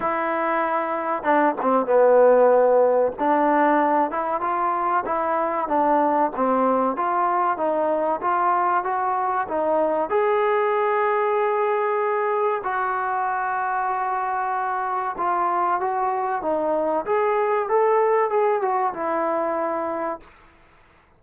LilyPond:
\new Staff \with { instrumentName = "trombone" } { \time 4/4 \tempo 4 = 95 e'2 d'8 c'8 b4~ | b4 d'4. e'8 f'4 | e'4 d'4 c'4 f'4 | dis'4 f'4 fis'4 dis'4 |
gis'1 | fis'1 | f'4 fis'4 dis'4 gis'4 | a'4 gis'8 fis'8 e'2 | }